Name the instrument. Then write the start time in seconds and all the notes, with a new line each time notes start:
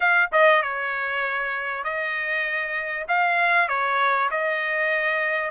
trumpet
0.00 F5
0.32 D#5
0.62 C#5
1.84 D#5
3.08 F5
3.68 C#5
4.30 D#5